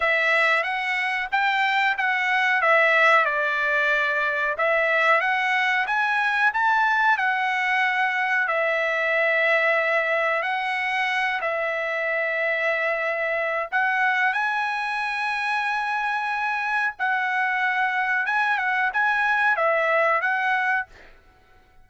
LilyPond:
\new Staff \with { instrumentName = "trumpet" } { \time 4/4 \tempo 4 = 92 e''4 fis''4 g''4 fis''4 | e''4 d''2 e''4 | fis''4 gis''4 a''4 fis''4~ | fis''4 e''2. |
fis''4. e''2~ e''8~ | e''4 fis''4 gis''2~ | gis''2 fis''2 | gis''8 fis''8 gis''4 e''4 fis''4 | }